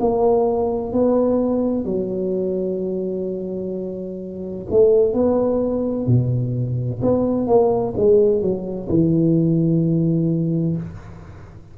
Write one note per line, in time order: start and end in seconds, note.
0.00 0.92 A#3
0.92 1.85 B3
1.85 4.66 F#3
4.70 5.13 A3
5.13 6.06 B3
6.06 7.00 B2
7.01 7.47 B3
7.47 7.94 A#3
7.96 8.41 G#3
8.41 8.88 F#3
8.89 10.76 E3